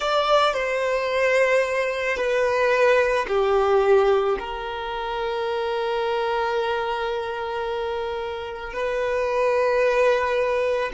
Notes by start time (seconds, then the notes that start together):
0.00 D5
0.53 C5
2.16 B4
3.28 G4
4.39 A#4
8.73 B4